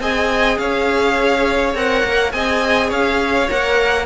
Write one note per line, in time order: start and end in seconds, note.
0.00 0.58 C4
0.00 1.75 G#4
0.00 0.60 D#5
0.00 0.58 G#5
0.58 1.75 C#4
0.58 2.34 C#5
0.58 1.75 F5
1.75 2.04 C4
1.75 2.33 A#4
1.75 2.32 F#5
2.05 2.34 A#3
2.32 2.91 C4
2.32 3.49 G#4
2.32 2.89 D#5
2.32 2.91 G#5
2.89 3.50 C#4
2.89 4.05 C#5
2.89 3.50 F5
3.50 4.06 A#3
3.50 4.06 A#4
3.50 4.06 F#5